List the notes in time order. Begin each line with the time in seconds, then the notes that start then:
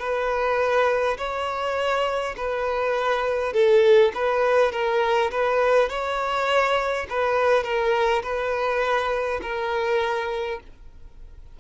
0.00 B4
1.18 C#5
2.37 B4
3.53 A4
4.14 B4
4.72 A#4
5.32 B4
5.89 C#5
7.10 B4
7.64 A#4
8.23 B4
9.42 A#4